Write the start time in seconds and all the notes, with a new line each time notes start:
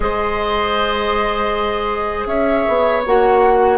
0.00 G#3 G#4 C5 D#5
2.26 C#4 C#5 E5
2.68 B3
3.06 A#3 F#4 F#5